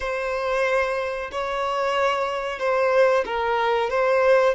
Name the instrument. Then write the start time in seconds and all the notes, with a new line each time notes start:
violin
0.00 C5
1.31 C#5
2.59 C5
3.25 A#4
3.90 C5